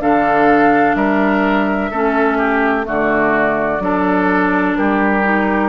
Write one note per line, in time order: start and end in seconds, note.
0.00 0.95 D3
0.00 1.91 D4
0.00 0.96 A4
0.00 0.95 F5
0.95 1.90 G3
0.95 1.91 A#4
0.95 2.85 E5
1.91 2.86 A3
1.91 2.83 C#4
1.91 2.37 A4
2.37 2.85 G4
2.83 3.79 D3
2.83 3.78 A3
2.83 3.82 F#4
2.90 4.76 D5
3.79 4.74 F#3
3.79 5.23 D4
3.79 4.77 A4
4.76 5.69 G3
4.76 5.69 G4
4.76 5.69 A#4
5.23 5.69 D#4